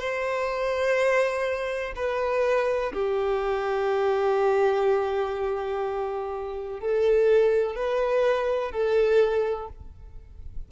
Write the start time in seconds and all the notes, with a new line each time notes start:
0.00 C5
1.96 B4
2.93 G4
6.80 A4
7.76 B4
8.71 A4